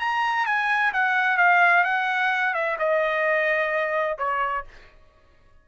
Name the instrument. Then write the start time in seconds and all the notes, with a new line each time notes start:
trumpet
0.00 A#5
0.46 G#5
0.93 F#5
1.38 F5
1.85 F#5
2.54 E5
2.79 D#5
4.18 C#5